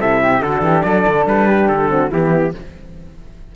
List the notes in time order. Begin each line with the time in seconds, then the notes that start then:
0.00 C3 E4 A4 E5
0.22 G4
0.41 D3 D4 F#4 A4
0.62 E3 G4
0.83 F#3 A4 D5
1.08 D3
1.27 G3 B4
1.48 G4
1.69 D3 A4
1.89 C4 F#4
2.11 E3 B3 E4 G4